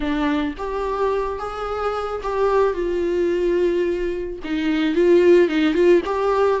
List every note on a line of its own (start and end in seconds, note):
0.00 0.54 D4
0.57 1.39 G4
1.39 2.21 G#4
2.22 2.73 G4
2.73 4.38 F4
4.43 4.94 D#4
4.94 5.48 F4
5.48 5.74 D#4
5.74 6.01 F4
6.05 6.60 G4